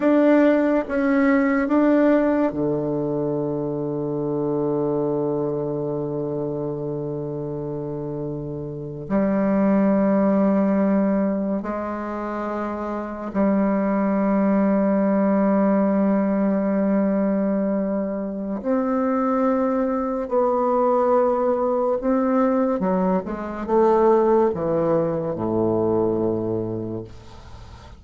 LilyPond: \new Staff \with { instrumentName = "bassoon" } { \time 4/4 \tempo 4 = 71 d'4 cis'4 d'4 d4~ | d1~ | d2~ d8. g4~ g16~ | g4.~ g16 gis2 g16~ |
g1~ | g2 c'2 | b2 c'4 fis8 gis8 | a4 e4 a,2 | }